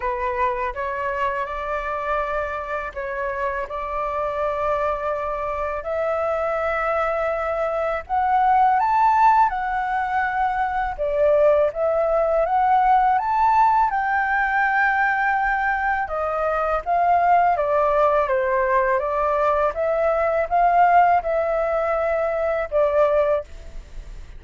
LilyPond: \new Staff \with { instrumentName = "flute" } { \time 4/4 \tempo 4 = 82 b'4 cis''4 d''2 | cis''4 d''2. | e''2. fis''4 | a''4 fis''2 d''4 |
e''4 fis''4 a''4 g''4~ | g''2 dis''4 f''4 | d''4 c''4 d''4 e''4 | f''4 e''2 d''4 | }